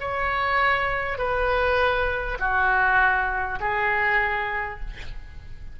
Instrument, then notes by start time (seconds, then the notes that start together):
oboe
0.00 C#5
1.18 B4
2.39 F#4
3.60 G#4